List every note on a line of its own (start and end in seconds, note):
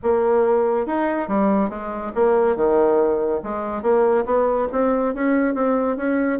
0.02 0.86 A#3
0.86 1.28 D#4
1.28 1.69 G3
1.69 2.12 G#3
2.15 2.55 A#3
2.55 3.40 D#3
3.43 3.82 G#3
3.82 4.24 A#3
4.25 4.67 B3
4.71 5.14 C4
5.14 5.54 C#4
5.54 5.97 C4
5.97 6.39 C#4